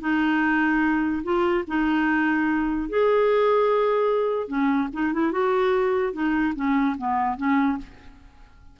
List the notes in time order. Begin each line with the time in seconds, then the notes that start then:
0.00 D#4
1.23 F4
1.67 D#4
2.89 G#4
4.47 C#4
4.93 D#4
5.13 E4
5.32 F#4
6.13 D#4
6.55 C#4
6.98 B3
7.37 C#4